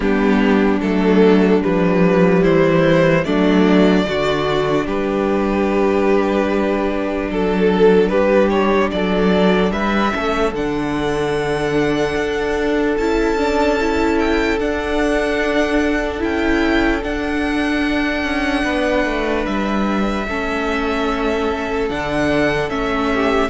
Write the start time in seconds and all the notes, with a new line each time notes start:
0.00 G3 B3 D4 G4
0.80 F#3 A3 A4
1.62 F3 G3 B4
2.41 E3 E4 C5
3.24 F#3 A3 D4 D5
4.05 D3 D4 F#4
4.85 G3 G4 B4
7.30 F#3 A4
8.08 G3 G4 B4
8.49 C#5
8.91 F#3 A4 D5
9.71 G3 B4 E5
10.10 A3 C#4 A4
10.52 D3 D4 F#5
12.15 D4
12.96 C#4 E4 A5
13.38 D4
13.80 E4
14.18 G5
14.59 D4 F#5
16.18 C#4 E4 G5
17.03 D4 F#5
18.23 C#4
18.64 B3 B4
19.05 A3
19.45 G3 E5
20.27 A3 C#4 A4
21.89 D3 D4 F#5
22.69 A3 C#4 E5
23.14 G4